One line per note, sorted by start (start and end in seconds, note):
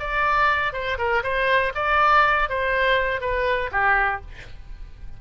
0.00 0.73 D5
0.73 0.98 C5
0.98 1.23 A#4
1.24 1.73 C5
1.75 2.49 D5
2.50 3.21 C5
3.21 3.71 B4
3.72 4.22 G4